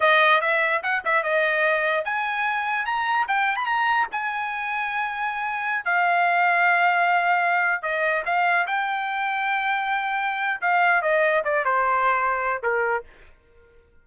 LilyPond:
\new Staff \with { instrumentName = "trumpet" } { \time 4/4 \tempo 4 = 147 dis''4 e''4 fis''8 e''8 dis''4~ | dis''4 gis''2 ais''4 | g''8. b''16 ais''4 gis''2~ | gis''2~ gis''16 f''4.~ f''16~ |
f''2.~ f''16 dis''8.~ | dis''16 f''4 g''2~ g''8.~ | g''2 f''4 dis''4 | d''8 c''2~ c''8 ais'4 | }